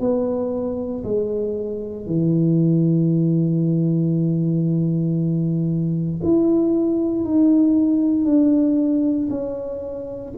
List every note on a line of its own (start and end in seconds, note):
0.00 1.03 B3
1.04 2.06 G#3
2.06 6.20 E3
6.23 7.25 E4
7.25 8.25 D#4
8.25 9.29 D4
9.30 10.33 C#4